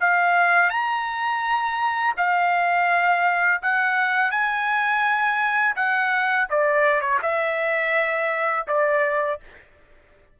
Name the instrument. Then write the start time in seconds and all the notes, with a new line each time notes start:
trumpet
0.00 F5
0.70 A#5
2.17 F5
3.62 F#5
4.30 G#5
5.76 F#5
6.50 D5
7.01 C#5
7.22 E5
8.67 D5